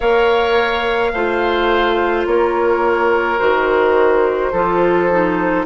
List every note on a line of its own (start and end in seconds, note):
0.00 1.13 A#3
0.00 1.13 A#4
0.00 1.11 C#5
0.00 2.25 F5
1.13 2.26 A3
1.13 3.38 F4
1.13 2.26 C5
2.26 3.39 A#3
2.26 4.51 A#4
2.26 3.38 C#5
3.38 4.52 D#3
3.38 4.52 F#4
3.38 5.65 C5
4.51 5.65 F3
4.51 5.10 F4
4.51 5.65 A4
5.10 5.65 D#4